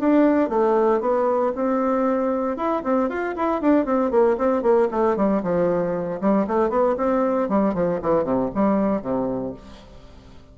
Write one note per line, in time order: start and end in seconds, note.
0.00 0.49 D4
0.49 1.01 A3
1.01 1.53 B3
1.56 2.57 C4
2.57 2.83 E4
2.84 3.09 C4
3.09 3.35 F4
3.37 3.62 E4
3.62 3.86 D4
3.86 4.11 C4
4.11 4.37 A#3
4.38 4.63 C4
4.63 4.89 A#3
4.91 5.17 A3
5.17 5.42 G3
5.43 6.21 F3
6.21 6.47 G3
6.47 6.70 A3
6.70 6.96 B3
6.97 7.49 C4
7.49 7.74 G3
7.74 8.00 F3
8.02 8.24 E3
8.24 8.50 C3
8.55 9.02 G3
9.02 9.54 C3